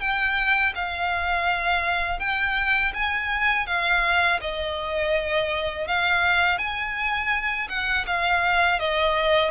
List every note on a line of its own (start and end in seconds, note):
0.00 0.73 G5
0.75 2.19 F5
2.19 2.92 G5
2.94 3.66 G#5
3.66 4.39 F5
4.41 5.87 D#5
5.87 6.58 F5
6.58 7.68 G#5
7.69 8.05 F#5
8.06 8.79 F5
8.79 9.51 D#5